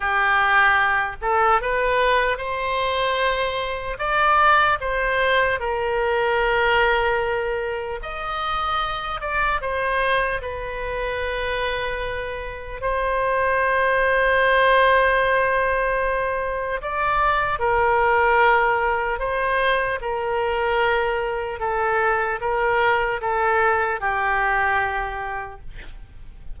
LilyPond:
\new Staff \with { instrumentName = "oboe" } { \time 4/4 \tempo 4 = 75 g'4. a'8 b'4 c''4~ | c''4 d''4 c''4 ais'4~ | ais'2 dis''4. d''8 | c''4 b'2. |
c''1~ | c''4 d''4 ais'2 | c''4 ais'2 a'4 | ais'4 a'4 g'2 | }